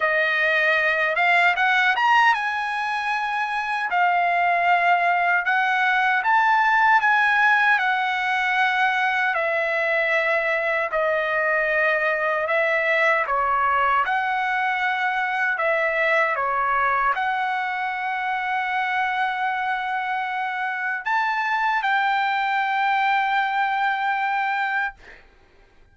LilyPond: \new Staff \with { instrumentName = "trumpet" } { \time 4/4 \tempo 4 = 77 dis''4. f''8 fis''8 ais''8 gis''4~ | gis''4 f''2 fis''4 | a''4 gis''4 fis''2 | e''2 dis''2 |
e''4 cis''4 fis''2 | e''4 cis''4 fis''2~ | fis''2. a''4 | g''1 | }